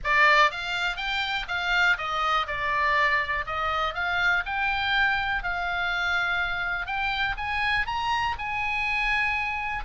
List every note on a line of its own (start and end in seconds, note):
0.04 0.51 D5
0.51 0.96 F5
0.96 1.46 G5
1.48 1.97 F5
1.97 2.46 D#5
2.47 3.45 D5
3.46 3.94 D#5
3.94 4.43 F5
4.45 5.43 G5
5.43 6.86 F5
6.86 7.35 G5
7.37 7.86 G#5
7.86 8.35 A#5
8.38 9.84 G#5